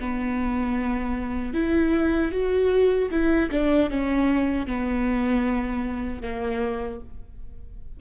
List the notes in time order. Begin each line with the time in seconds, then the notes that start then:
0.00 B3
1.54 E4
2.32 F#4
3.11 E4
3.51 D4
3.90 C#4
4.66 B3
6.22 A#3